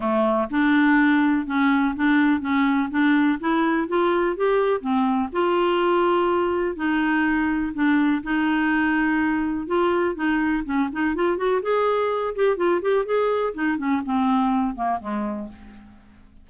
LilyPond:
\new Staff \with { instrumentName = "clarinet" } { \time 4/4 \tempo 4 = 124 a4 d'2 cis'4 | d'4 cis'4 d'4 e'4 | f'4 g'4 c'4 f'4~ | f'2 dis'2 |
d'4 dis'2. | f'4 dis'4 cis'8 dis'8 f'8 fis'8 | gis'4. g'8 f'8 g'8 gis'4 | dis'8 cis'8 c'4. ais8 gis4 | }